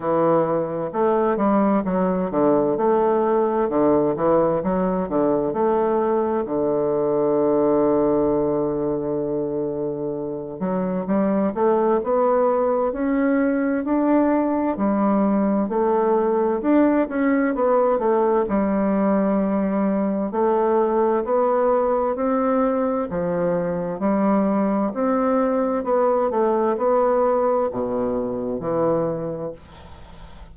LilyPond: \new Staff \with { instrumentName = "bassoon" } { \time 4/4 \tempo 4 = 65 e4 a8 g8 fis8 d8 a4 | d8 e8 fis8 d8 a4 d4~ | d2.~ d8 fis8 | g8 a8 b4 cis'4 d'4 |
g4 a4 d'8 cis'8 b8 a8 | g2 a4 b4 | c'4 f4 g4 c'4 | b8 a8 b4 b,4 e4 | }